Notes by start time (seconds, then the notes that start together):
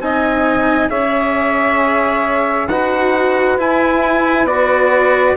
0.00 C4 D#4 D#5 G#5
0.90 C#4 G#4 C#5 E5
2.68 D#4 F#4 B4 F#5
3.58 E4 G#5
4.44 B3 F#4 D5